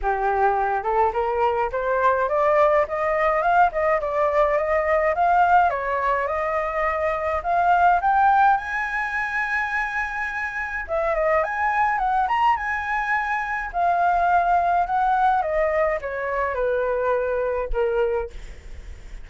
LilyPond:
\new Staff \with { instrumentName = "flute" } { \time 4/4 \tempo 4 = 105 g'4. a'8 ais'4 c''4 | d''4 dis''4 f''8 dis''8 d''4 | dis''4 f''4 cis''4 dis''4~ | dis''4 f''4 g''4 gis''4~ |
gis''2. e''8 dis''8 | gis''4 fis''8 ais''8 gis''2 | f''2 fis''4 dis''4 | cis''4 b'2 ais'4 | }